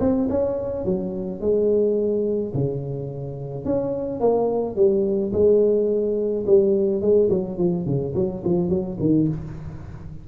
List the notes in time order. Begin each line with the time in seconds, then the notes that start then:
0.00 C4
0.30 C#4
0.85 F#3
1.41 G#3
2.54 C#3
3.65 C#4
4.20 A#3
4.76 G3
5.33 G#3
6.46 G3
7.01 G#3
7.30 F#3
7.58 F3
7.86 C#3
8.15 F#3
8.45 F3
8.70 F#3
9.00 D#3